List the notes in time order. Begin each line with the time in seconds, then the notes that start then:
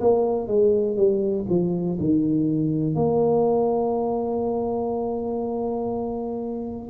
0.00 A#3
0.47 G#3
0.96 G3
1.49 F3
1.99 D#3
2.95 A#3